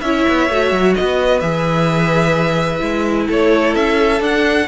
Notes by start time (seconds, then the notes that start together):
0.00 C#4 E4 C#5 E5
0.28 B3
0.49 A3 F#4
0.72 F#3
0.95 B3 B4 D#5
1.40 E3 G#4 E5
2.78 G#3 E4
3.27 A3 A4 C#5
3.75 C#4 E5
4.20 D4 F#5